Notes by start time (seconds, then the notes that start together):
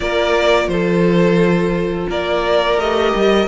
0.00 A#3 F4 A#4 D5
0.67 F3 A4 C5
2.09 A#3 A#4 D5
2.78 A3 G4 D#5
3.14 G3